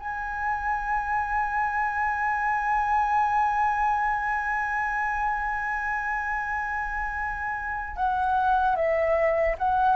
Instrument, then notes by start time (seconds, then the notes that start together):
flute
0.00 G#5
7.96 F#5
8.76 E5
9.59 F#5